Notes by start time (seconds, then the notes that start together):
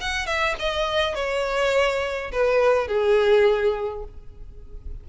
0.00 F#5
0.26 E5
0.59 D#5
1.15 C#5
2.31 B4
2.87 G#4